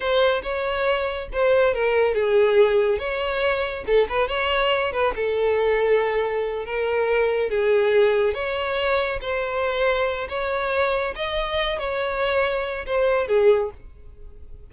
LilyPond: \new Staff \with { instrumentName = "violin" } { \time 4/4 \tempo 4 = 140 c''4 cis''2 c''4 | ais'4 gis'2 cis''4~ | cis''4 a'8 b'8 cis''4. b'8 | a'2.~ a'8 ais'8~ |
ais'4. gis'2 cis''8~ | cis''4. c''2~ c''8 | cis''2 dis''4. cis''8~ | cis''2 c''4 gis'4 | }